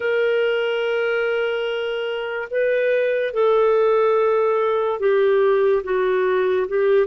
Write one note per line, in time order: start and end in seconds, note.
0.00 2.48 A#4
2.50 3.33 B4
3.33 4.99 A4
4.99 5.83 G4
5.83 6.67 F#4
6.67 7.06 G4